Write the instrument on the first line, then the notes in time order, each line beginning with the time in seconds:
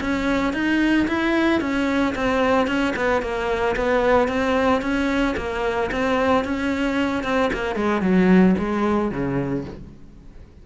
cello
0.00 C#4
0.53 D#4
1.07 E4
1.60 C#4
2.15 C4
2.67 C#4
2.95 B3
3.21 A#3
3.76 B3
4.27 C4
4.81 C#4
5.36 A#3
5.91 C4
6.44 C#4
7.23 C4
7.53 A#3
7.75 G#3
8.01 F#3
8.58 G#3
9.11 C#3